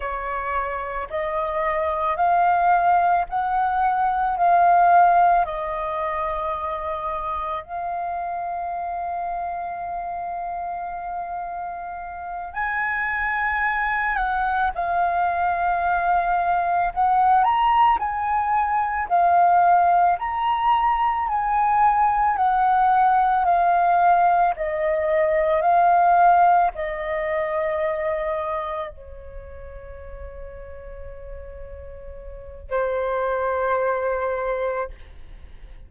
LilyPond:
\new Staff \with { instrumentName = "flute" } { \time 4/4 \tempo 4 = 55 cis''4 dis''4 f''4 fis''4 | f''4 dis''2 f''4~ | f''2.~ f''8 gis''8~ | gis''4 fis''8 f''2 fis''8 |
ais''8 gis''4 f''4 ais''4 gis''8~ | gis''8 fis''4 f''4 dis''4 f''8~ | f''8 dis''2 cis''4.~ | cis''2 c''2 | }